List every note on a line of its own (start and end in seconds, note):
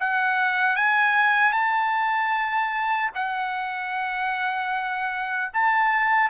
0.00 0.76 F#5
0.76 1.52 G#5
1.52 3.10 A5
3.15 5.52 F#5
5.53 6.30 A5